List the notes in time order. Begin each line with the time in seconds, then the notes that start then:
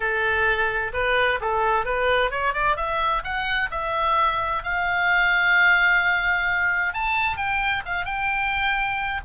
0.00 A4
0.93 B4
1.40 A4
1.85 B4
2.31 C#5
2.53 D5
2.76 E5
3.23 F#5
3.70 E5
4.63 F5
6.93 A5
7.36 G5
7.85 F5
8.05 G5